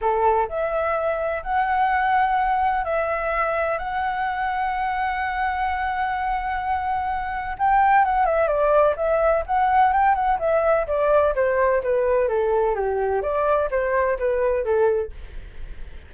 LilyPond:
\new Staff \with { instrumentName = "flute" } { \time 4/4 \tempo 4 = 127 a'4 e''2 fis''4~ | fis''2 e''2 | fis''1~ | fis''1 |
g''4 fis''8 e''8 d''4 e''4 | fis''4 g''8 fis''8 e''4 d''4 | c''4 b'4 a'4 g'4 | d''4 c''4 b'4 a'4 | }